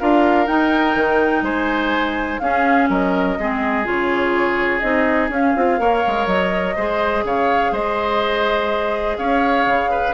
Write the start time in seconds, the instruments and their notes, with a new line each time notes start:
0.00 bassoon D4, clarinet F4, oboe A#4, flute F5
0.47 clarinet D#4, bassoon D#4, flute G5
0.96 bassoon D#3
1.43 bassoon G#3, oboe C5, flute G#5
2.40 bassoon C#4, clarinet C#4, oboe G#4, flute F5
2.89 bassoon F#3, oboe A#4, flute D#5
3.39 bassoon G#3, clarinet C4, oboe G#4
3.85 bassoon C#3, clarinet F4, flute C#5
4.81 bassoon C4, clarinet D#4, flute D#5
5.30 bassoon C#4, clarinet C#4, flute F5
5.56 bassoon C4, clarinet F4
5.79 bassoon A#3, clarinet A#4, oboe C#5
6.07 bassoon G#3
6.27 bassoon F#3, flute D#5
6.76 bassoon G#3, clarinet G#4, oboe C5
7.24 bassoon C#3, oboe C#5, flute F5
7.72 bassoon G#3, oboe C5, flute D#5
9.18 bassoon C#4, oboe C#5, flute F5
9.66 bassoon C#3
9.91 oboe B4